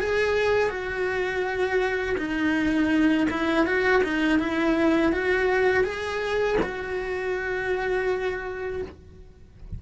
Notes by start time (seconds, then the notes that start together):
0.00 G#4
0.70 F#4
2.18 D#4
3.31 E4
3.66 F#4
4.04 D#4
4.39 E4
5.13 F#4
5.84 G#4
6.63 F#4